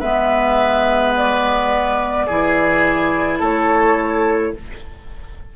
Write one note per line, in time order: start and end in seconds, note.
0.00 2.27 G#3
0.00 2.29 B3
0.00 2.26 B4
0.00 1.14 E5
1.17 3.43 D5
2.27 3.41 E3
2.27 4.56 E4
2.27 3.40 G#4
3.40 4.54 A3
3.40 4.53 A4
3.40 4.56 C#5